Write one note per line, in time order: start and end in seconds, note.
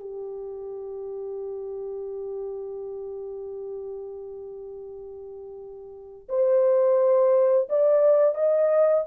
0.00 6.28 G4
6.29 7.68 C5
7.69 8.34 D5
8.34 9.04 D#5